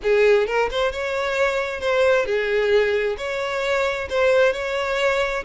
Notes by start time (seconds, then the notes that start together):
0.02 G#4
0.46 A#4
0.70 C5
0.92 C#5
1.80 C5
2.25 G#4
3.17 C#5
4.09 C5
4.52 C#5